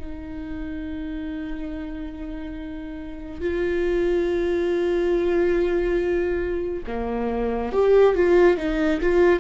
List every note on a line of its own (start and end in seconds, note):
0.00 3.41 D#4
3.41 6.84 F4
6.87 7.73 A#3
7.73 8.15 G4
8.15 8.58 F4
8.58 9.01 D#4
9.01 9.40 F4